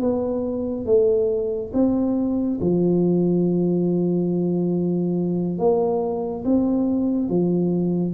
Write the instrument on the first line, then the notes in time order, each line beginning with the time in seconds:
tuba
0.00 B3
0.86 A3
1.73 C4
2.61 F3
5.58 A#3
6.45 C4
7.29 F3